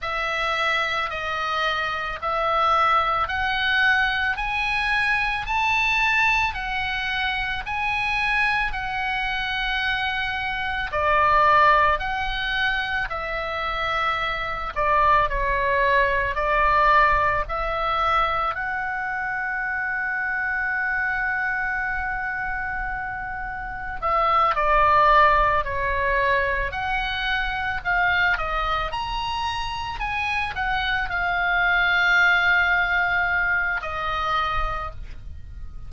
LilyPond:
\new Staff \with { instrumentName = "oboe" } { \time 4/4 \tempo 4 = 55 e''4 dis''4 e''4 fis''4 | gis''4 a''4 fis''4 gis''4 | fis''2 d''4 fis''4 | e''4. d''8 cis''4 d''4 |
e''4 fis''2.~ | fis''2 e''8 d''4 cis''8~ | cis''8 fis''4 f''8 dis''8 ais''4 gis''8 | fis''8 f''2~ f''8 dis''4 | }